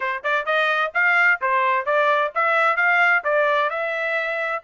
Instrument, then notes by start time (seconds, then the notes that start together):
trumpet
0.00 C5
0.23 D5
0.45 D#5
0.94 F5
1.41 C5
1.85 D5
2.34 E5
2.76 F5
3.23 D5
3.70 E5